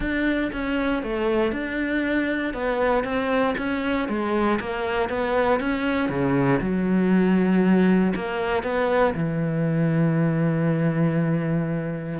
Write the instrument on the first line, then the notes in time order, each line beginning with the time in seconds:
cello
0.00 D4
0.52 C#4
1.02 A3
1.51 D4
2.53 B3
3.04 C4
3.57 C#4
4.08 G#3
4.59 A#3
5.09 B3
5.60 C#4
6.09 C#3
6.61 F#3
8.15 A#3
8.63 B3
9.14 E3